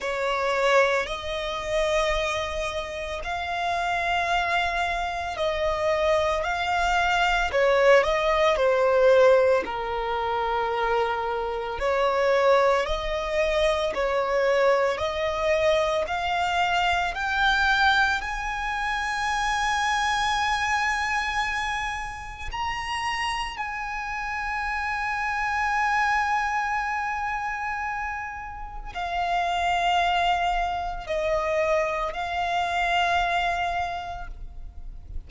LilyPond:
\new Staff \with { instrumentName = "violin" } { \time 4/4 \tempo 4 = 56 cis''4 dis''2 f''4~ | f''4 dis''4 f''4 cis''8 dis''8 | c''4 ais'2 cis''4 | dis''4 cis''4 dis''4 f''4 |
g''4 gis''2.~ | gis''4 ais''4 gis''2~ | gis''2. f''4~ | f''4 dis''4 f''2 | }